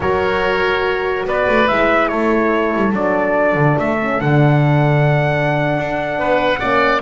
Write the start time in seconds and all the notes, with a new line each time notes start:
0.00 F#3 F#4 A#4 C#5
1.25 B3 B4 D5
1.48 A3
1.67 G#3 E4 E5
2.08 A3 A4 C#5
2.76 G3
2.92 F#3 D4 D5
3.54 D3
3.78 A3 E5
4.00 C#4
4.20 D3 D4 F#5
5.77 D4
6.18 B3 B4
6.59 A#3 C#4 D5